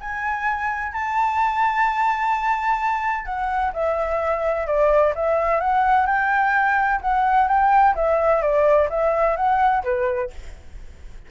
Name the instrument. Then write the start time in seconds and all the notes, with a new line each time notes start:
flute
0.00 G#5
0.92 A5
3.25 F#5
3.73 E5
4.66 D5
5.15 E5
5.60 F#5
6.06 G5
7.01 F#5
7.48 G5
7.95 E5
8.42 D5
8.89 E5
9.36 F#5
9.83 B4